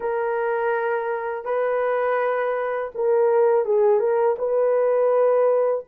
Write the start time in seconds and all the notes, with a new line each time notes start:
0.00 A#4
1.45 B4
2.94 A#4
3.65 G#4
3.99 A#4
4.38 B4